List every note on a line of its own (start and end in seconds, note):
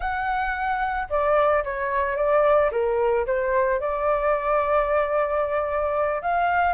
0.00 1.08 F#5
1.09 1.63 D5
1.64 2.16 C#5
2.16 2.70 D5
2.71 3.26 A#4
3.26 3.80 C5
3.80 6.22 D5
6.22 6.73 F5